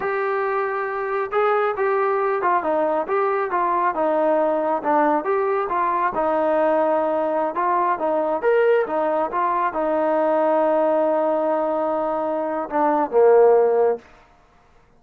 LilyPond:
\new Staff \with { instrumentName = "trombone" } { \time 4/4 \tempo 4 = 137 g'2. gis'4 | g'4. f'8 dis'4 g'4 | f'4 dis'2 d'4 | g'4 f'4 dis'2~ |
dis'4~ dis'16 f'4 dis'4 ais'8.~ | ais'16 dis'4 f'4 dis'4.~ dis'16~ | dis'1~ | dis'4 d'4 ais2 | }